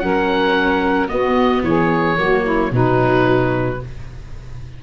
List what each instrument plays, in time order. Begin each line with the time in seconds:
0.00 tuba F#3, viola C#4, saxophone A#4, oboe F#5
1.08 viola B3, tuba B3, saxophone F#4, oboe D#5
1.64 tuba E3, saxophone G#4, oboe C#5
2.18 tuba F#3, viola A#3, saxophone F#4
2.44 saxophone E4
2.72 tuba B2, viola F#3, saxophone D#4, oboe B4